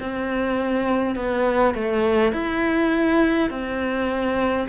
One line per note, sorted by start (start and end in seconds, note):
0.00 1.16 C4
1.16 1.75 B3
1.75 2.33 A3
2.33 3.50 E4
3.50 4.68 C4